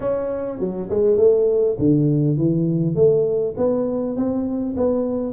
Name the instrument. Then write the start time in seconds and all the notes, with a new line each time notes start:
tuba
0.00 C#4
0.59 F#3
0.90 G#3
1.17 A3
1.78 D3
2.37 E3
2.95 A3
3.57 B3
4.16 C4
4.76 B3